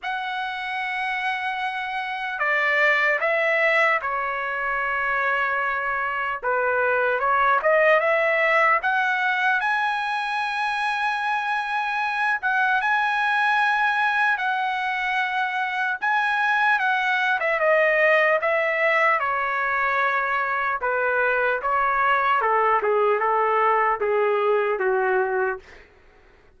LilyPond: \new Staff \with { instrumentName = "trumpet" } { \time 4/4 \tempo 4 = 75 fis''2. d''4 | e''4 cis''2. | b'4 cis''8 dis''8 e''4 fis''4 | gis''2.~ gis''8 fis''8 |
gis''2 fis''2 | gis''4 fis''8. e''16 dis''4 e''4 | cis''2 b'4 cis''4 | a'8 gis'8 a'4 gis'4 fis'4 | }